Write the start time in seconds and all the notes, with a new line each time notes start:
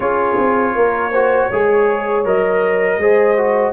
0.00 C#4 F4 G#4 C#5
0.37 C4
0.75 A#3 A#4
1.11 F#4 C5
1.47 G#3 G#4 C#5
2.25 F#3 A#4 D#5
2.97 G#3 G#4 C5
3.37 F#4